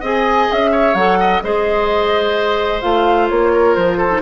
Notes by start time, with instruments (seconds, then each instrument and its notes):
0.00 bassoon C4, clarinet G#4, oboe D#5, flute G#5
0.51 bassoon C#4, flute E5
0.71 oboe C#5
0.94 bassoon F#3, clarinet A4, flute F#5
1.19 oboe D#5
1.42 bassoon G#3, clarinet G#4, oboe C5, flute D#5
2.81 bassoon A3, clarinet F4, flute F5
3.28 bassoon A#3, flute C#5
3.52 oboe A#4
3.75 bassoon F3, flute C5
3.97 oboe A4
4.09 clarinet D#4